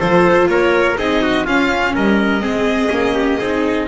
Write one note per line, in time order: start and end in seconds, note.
0.00 0.47 F3
0.00 0.97 F4
0.00 0.49 A4
0.00 0.48 C5
0.47 0.96 A#3
0.47 0.99 A#4
0.47 0.97 C#5
0.98 1.46 C4
0.98 1.47 D#4
0.98 1.22 G#4
0.98 1.47 D#5
1.22 1.45 F#4
1.45 1.95 C#4
1.45 2.41 C#4
1.45 1.94 F4
1.45 1.95 F5
1.95 2.41 G3
1.95 2.43 A#4
1.95 3.89 D#5
2.41 2.89 G#3
2.41 2.89 C4
2.41 3.15 G#4
2.90 3.39 A#3
2.90 3.40 C#4
3.15 3.39 G4
3.39 3.89 C4
3.39 3.89 D#4
3.39 3.87 G#4